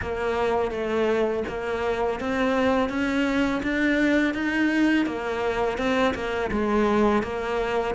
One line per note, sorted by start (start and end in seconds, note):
0.01 0.71 A#3
0.71 1.43 A3
1.48 2.20 A#3
2.20 2.89 C4
2.89 3.61 C#4
3.62 4.33 D4
4.33 5.06 D#4
5.06 5.77 A#3
5.77 6.13 C4
6.14 6.50 A#3
6.51 7.23 G#3
7.23 7.94 A#3